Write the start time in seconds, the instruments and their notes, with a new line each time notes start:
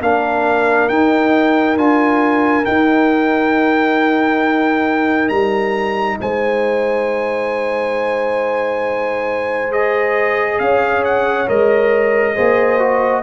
0.00 tuba A#3, trombone D4, horn A#4, trumpet F5
0.88 tuba D#4, trombone D#4, trumpet G5
1.77 tuba D4, trombone F4, trumpet G#5
2.64 trombone D#4, tuba D#4, trumpet G5
5.28 tuba G3, trumpet A#5
6.21 tuba G#3, horn C5, trumpet G#5
9.71 trombone G#4, trumpet D#5
10.59 tuba C#4, horn C#5, trumpet F5
11.04 trumpet F#5
11.47 tuba G#3, trombone A#4, trumpet D#5
12.34 tuba A#3, trombone G#4, horn C5
12.79 trombone F#4